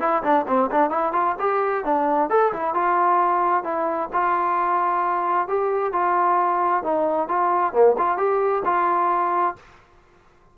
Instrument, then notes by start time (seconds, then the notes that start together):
trombone
0.00 E4
0.23 D4
0.48 C4
0.72 D4
0.90 E4
1.13 F4
1.40 G4
1.85 D4
2.30 A4
2.53 E4
2.74 F4
3.64 E4
4.13 F4
5.48 G4
5.93 F4
6.84 D#4
7.29 F4
7.73 A#3
7.98 F4
8.18 G4
8.65 F4